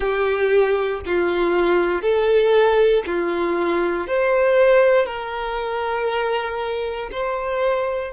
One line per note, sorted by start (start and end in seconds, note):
0.00 1.00 G4
1.06 2.02 F4
2.02 3.03 A4
3.06 4.07 F4
4.07 5.06 C5
5.06 7.09 A#4
7.11 8.13 C5